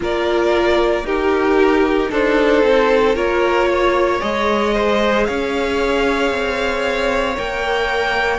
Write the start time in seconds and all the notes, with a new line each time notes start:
0.00 A#3 F4 A#4 D5
1.03 D#4 G4 A#4
2.11 D4 A4 C5
2.62 C4
3.15 A#3 F4 A#4 C#5
3.68 C#5
4.20 G#3 G#4 D#5
4.74 C5
5.25 C#4 C#5 F5
6.30 C4
7.36 A#3 A#4 G5